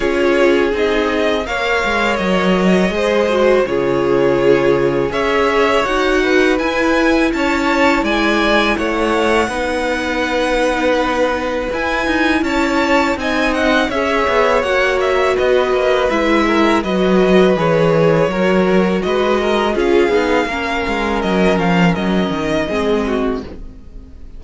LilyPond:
<<
  \new Staff \with { instrumentName = "violin" } { \time 4/4 \tempo 4 = 82 cis''4 dis''4 f''4 dis''4~ | dis''4 cis''2 e''4 | fis''4 gis''4 a''4 gis''4 | fis''1 |
gis''4 a''4 gis''8 fis''8 e''4 | fis''8 e''8 dis''4 e''4 dis''4 | cis''2 dis''4 f''4~ | f''4 dis''8 f''8 dis''2 | }
  \new Staff \with { instrumentName = "violin" } { \time 4/4 gis'2 cis''2 | c''4 gis'2 cis''4~ | cis''8 b'4. cis''4 d''4 | cis''4 b'2.~ |
b'4 cis''4 dis''4 cis''4~ | cis''4 b'4. ais'8 b'4~ | b'4 ais'4 b'8 ais'8 gis'4 | ais'2. gis'8 fis'8 | }
  \new Staff \with { instrumentName = "viola" } { \time 4/4 f'4 dis'4 ais'2 | gis'8 fis'8 f'2 gis'4 | fis'4 e'2.~ | e'4 dis'2. |
e'2 dis'4 gis'4 | fis'2 e'4 fis'4 | gis'4 fis'2 f'8 dis'8 | cis'2. c'4 | }
  \new Staff \with { instrumentName = "cello" } { \time 4/4 cis'4 c'4 ais8 gis8 fis4 | gis4 cis2 cis'4 | dis'4 e'4 cis'4 gis4 | a4 b2. |
e'8 dis'8 cis'4 c'4 cis'8 b8 | ais4 b8 ais8 gis4 fis4 | e4 fis4 gis4 cis'8 b8 | ais8 gis8 fis8 f8 fis8 dis8 gis4 | }
>>